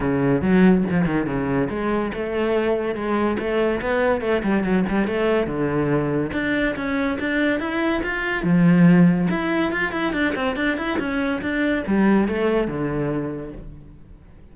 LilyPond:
\new Staff \with { instrumentName = "cello" } { \time 4/4 \tempo 4 = 142 cis4 fis4 f8 dis8 cis4 | gis4 a2 gis4 | a4 b4 a8 g8 fis8 g8 | a4 d2 d'4 |
cis'4 d'4 e'4 f'4 | f2 e'4 f'8 e'8 | d'8 c'8 d'8 e'8 cis'4 d'4 | g4 a4 d2 | }